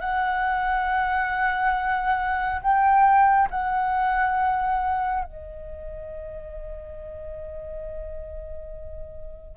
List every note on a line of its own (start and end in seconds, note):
0.00 2.61 F#5
2.61 3.48 G5
3.50 5.24 F#5
5.24 9.57 D#5